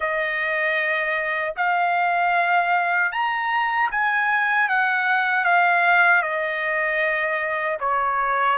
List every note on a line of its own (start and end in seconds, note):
0.00 1.54 D#5
1.56 3.12 F5
3.12 3.90 A#5
3.91 4.68 G#5
4.68 5.44 F#5
5.44 6.22 F5
6.22 7.78 D#5
7.80 8.57 C#5